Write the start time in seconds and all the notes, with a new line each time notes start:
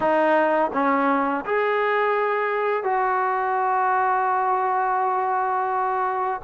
0.00 D#4
0.73 C#4
1.45 G#4
2.83 F#4